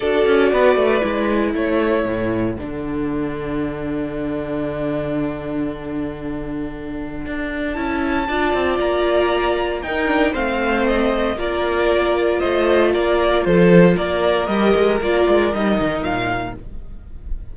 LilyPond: <<
  \new Staff \with { instrumentName = "violin" } { \time 4/4 \tempo 4 = 116 d''2. cis''4~ | cis''4 fis''2.~ | fis''1~ | fis''2. a''4~ |
a''4 ais''2 g''4 | f''4 dis''4 d''2 | dis''4 d''4 c''4 d''4 | dis''4 d''4 dis''4 f''4 | }
  \new Staff \with { instrumentName = "violin" } { \time 4/4 a'4 b'2 a'4~ | a'1~ | a'1~ | a'1 |
d''2. ais'4 | c''2 ais'2 | c''4 ais'4 a'4 ais'4~ | ais'1 | }
  \new Staff \with { instrumentName = "viola" } { \time 4/4 fis'2 e'2~ | e'4 d'2.~ | d'1~ | d'2. e'4 |
f'2. dis'8 d'8 | c'2 f'2~ | f'1 | g'4 f'4 dis'2 | }
  \new Staff \with { instrumentName = "cello" } { \time 4/4 d'8 cis'8 b8 a8 gis4 a4 | a,4 d2.~ | d1~ | d2 d'4 cis'4 |
d'8 c'8 ais2 dis'4 | a2 ais2 | a4 ais4 f4 ais4 | g8 gis8 ais8 gis8 g8 dis8 ais,4 | }
>>